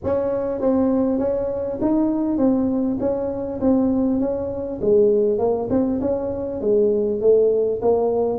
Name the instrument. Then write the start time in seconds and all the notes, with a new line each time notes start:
tuba
0.04 C#4
0.61 C4
1.18 C#4
1.81 D#4
2.37 C4
3.00 C#4
3.61 C4
4.20 C#4
4.81 G#3
5.38 A#3
5.70 C4
6.00 C#4
6.60 G#3
7.20 A3
7.81 A#3